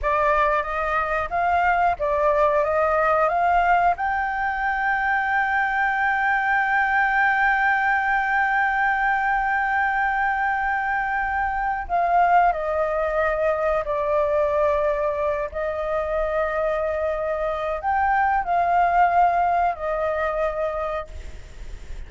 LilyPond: \new Staff \with { instrumentName = "flute" } { \time 4/4 \tempo 4 = 91 d''4 dis''4 f''4 d''4 | dis''4 f''4 g''2~ | g''1~ | g''1~ |
g''2 f''4 dis''4~ | dis''4 d''2~ d''8 dis''8~ | dis''2. g''4 | f''2 dis''2 | }